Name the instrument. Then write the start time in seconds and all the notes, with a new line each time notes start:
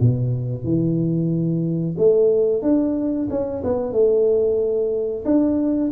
tuba
0.00 B2
0.64 E3
1.98 A3
2.62 D4
3.30 C#4
3.64 B3
3.92 A3
5.24 D4